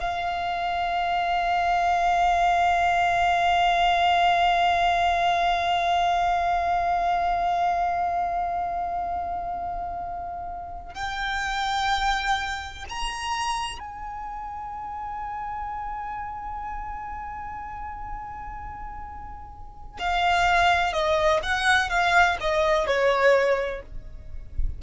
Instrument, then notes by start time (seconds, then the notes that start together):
violin
0.00 F5
10.94 G5
12.89 A#5
13.79 G#5
19.99 F5
20.93 D#5
21.43 F#5
21.90 F5
22.40 D#5
22.87 C#5